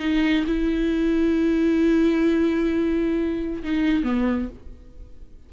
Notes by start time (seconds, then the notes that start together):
0.00 D#4
0.47 E4
3.64 D#4
4.04 B3